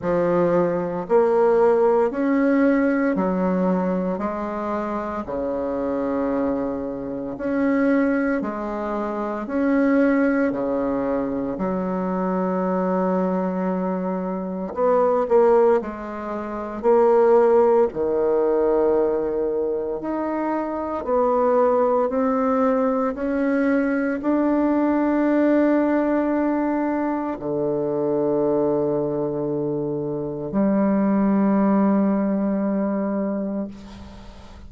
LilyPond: \new Staff \with { instrumentName = "bassoon" } { \time 4/4 \tempo 4 = 57 f4 ais4 cis'4 fis4 | gis4 cis2 cis'4 | gis4 cis'4 cis4 fis4~ | fis2 b8 ais8 gis4 |
ais4 dis2 dis'4 | b4 c'4 cis'4 d'4~ | d'2 d2~ | d4 g2. | }